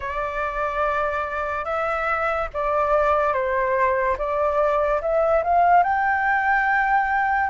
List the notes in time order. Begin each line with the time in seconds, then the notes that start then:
0.00 D5
1.64 E5
2.53 D5
3.33 C5
4.17 D5
5.01 E5
5.43 F5
5.83 G5